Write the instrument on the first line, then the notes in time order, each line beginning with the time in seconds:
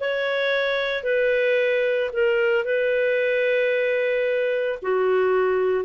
clarinet
0.00 C#5
1.03 B4
2.13 A#4
2.64 B4
4.82 F#4